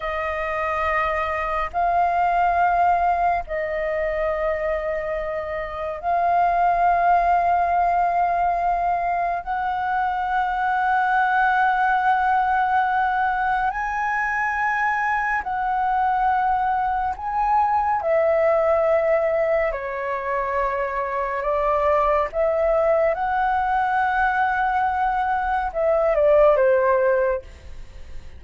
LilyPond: \new Staff \with { instrumentName = "flute" } { \time 4/4 \tempo 4 = 70 dis''2 f''2 | dis''2. f''4~ | f''2. fis''4~ | fis''1 |
gis''2 fis''2 | gis''4 e''2 cis''4~ | cis''4 d''4 e''4 fis''4~ | fis''2 e''8 d''8 c''4 | }